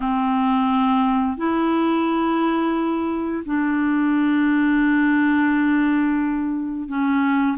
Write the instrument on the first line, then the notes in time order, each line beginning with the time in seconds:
clarinet
0.00 C4
1.37 E4
3.45 D4
6.88 C#4